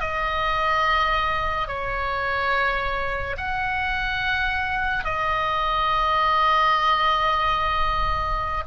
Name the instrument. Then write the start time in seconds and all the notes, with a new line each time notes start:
oboe
0.00 D#5
1.68 C#5
3.38 F#5
5.05 D#5